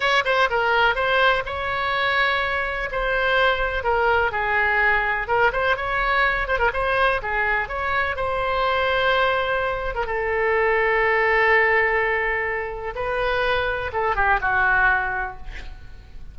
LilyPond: \new Staff \with { instrumentName = "oboe" } { \time 4/4 \tempo 4 = 125 cis''8 c''8 ais'4 c''4 cis''4~ | cis''2 c''2 | ais'4 gis'2 ais'8 c''8 | cis''4. c''16 ais'16 c''4 gis'4 |
cis''4 c''2.~ | c''8. ais'16 a'2.~ | a'2. b'4~ | b'4 a'8 g'8 fis'2 | }